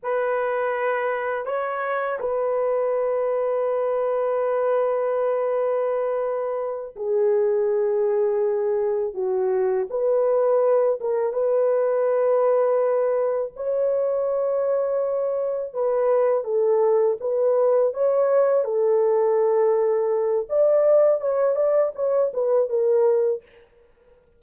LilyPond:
\new Staff \with { instrumentName = "horn" } { \time 4/4 \tempo 4 = 82 b'2 cis''4 b'4~ | b'1~ | b'4. gis'2~ gis'8~ | gis'8 fis'4 b'4. ais'8 b'8~ |
b'2~ b'8 cis''4.~ | cis''4. b'4 a'4 b'8~ | b'8 cis''4 a'2~ a'8 | d''4 cis''8 d''8 cis''8 b'8 ais'4 | }